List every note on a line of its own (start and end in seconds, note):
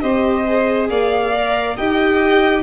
0.00 0.89 C4
0.00 0.44 G4
0.00 0.89 C5
0.00 0.87 D#5
0.46 1.33 G#4
0.90 1.77 A#3
0.90 1.76 D5
0.90 1.77 F5
1.34 1.78 A#4
1.76 2.63 D#4
1.76 2.63 G4
1.76 2.63 D#5
1.76 2.63 G5